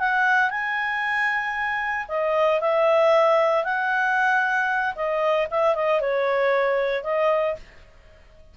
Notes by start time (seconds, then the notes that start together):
0.00 F#5
0.51 G#5
2.09 D#5
2.61 E5
3.65 F#5
4.96 D#5
5.51 E5
5.76 D#5
6.01 C#5
7.04 D#5